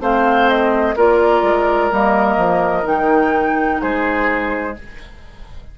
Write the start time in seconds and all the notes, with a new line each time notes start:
0.00 A3 C4 C5 F5
0.50 D#5
0.96 A#3 F4 A#4 D5
1.43 G#3
1.92 G3 A#3 D#5
2.37 F3
2.84 D#3 D#4 G5
3.82 G#3 G#4 C5